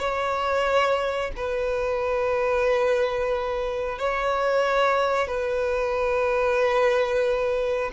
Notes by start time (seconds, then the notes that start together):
0.00 C#5
1.37 B4
3.99 C#5
5.28 B4